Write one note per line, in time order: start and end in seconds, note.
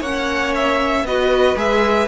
0.00 1.04 A#3
0.00 1.07 C#4
0.00 1.03 C#5
0.00 0.54 F#5
0.55 1.06 E5
1.04 1.55 B3
1.04 1.56 F#4
1.04 2.08 B4
1.04 1.58 D#5
1.56 2.08 G#3
1.56 2.08 G#4
1.56 2.08 E5